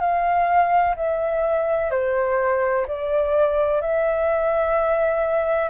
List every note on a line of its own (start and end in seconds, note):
0.00 0.95 F5
0.96 1.90 E5
1.90 2.86 C5
2.87 3.81 D5
3.81 5.69 E5